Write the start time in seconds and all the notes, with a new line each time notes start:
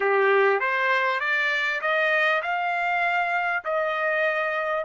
0.00 G4
0.60 C5
1.20 D5
1.81 D#5
2.42 F5
3.64 D#5